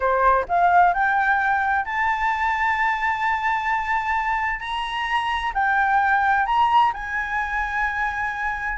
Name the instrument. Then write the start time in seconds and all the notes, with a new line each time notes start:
flute
0.00 C5
0.48 F5
0.93 G5
1.85 A5
4.59 A#5
5.53 G5
6.46 A#5
6.93 G#5